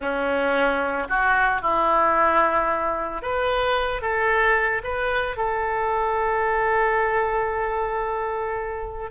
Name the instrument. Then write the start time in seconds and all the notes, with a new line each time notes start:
oboe
0.00 C#4
1.09 F#4
1.61 E4
3.22 B4
4.01 A4
4.83 B4
5.36 A4